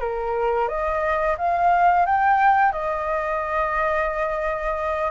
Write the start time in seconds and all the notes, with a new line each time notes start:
0.00 A#4
0.68 D#5
1.38 F5
2.05 G5
2.72 D#5